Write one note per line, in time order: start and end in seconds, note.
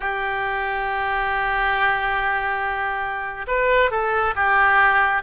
0.00 3.46 G4
3.47 3.91 B4
3.91 4.34 A4
4.35 5.22 G4